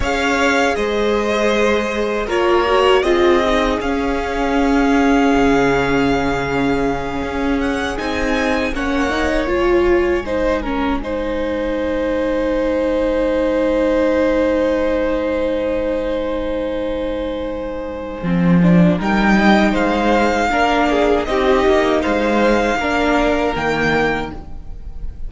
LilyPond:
<<
  \new Staff \with { instrumentName = "violin" } { \time 4/4 \tempo 4 = 79 f''4 dis''2 cis''4 | dis''4 f''2.~ | f''2 fis''8 gis''4 fis''8~ | fis''8 gis''2.~ gis''8~ |
gis''1~ | gis''1~ | gis''4 g''4 f''2 | dis''4 f''2 g''4 | }
  \new Staff \with { instrumentName = "violin" } { \time 4/4 cis''4 c''2 ais'4 | gis'1~ | gis'2.~ gis'8 cis''8~ | cis''4. c''8 ais'8 c''4.~ |
c''1~ | c''1~ | c''4 ais'8 dis''8 c''4 ais'8 gis'8 | g'4 c''4 ais'2 | }
  \new Staff \with { instrumentName = "viola" } { \time 4/4 gis'2. f'8 fis'8 | f'8 dis'8 cis'2.~ | cis'2~ cis'8 dis'4 cis'8 | dis'8 f'4 dis'8 cis'8 dis'4.~ |
dis'1~ | dis'1 | c'8 d'8 dis'2 d'4 | dis'2 d'4 ais4 | }
  \new Staff \with { instrumentName = "cello" } { \time 4/4 cis'4 gis2 ais4 | c'4 cis'2 cis4~ | cis4. cis'4 c'4 ais8~ | ais8 gis2.~ gis8~ |
gis1~ | gis1 | f4 g4 gis4 ais4 | c'8 ais8 gis4 ais4 dis4 | }
>>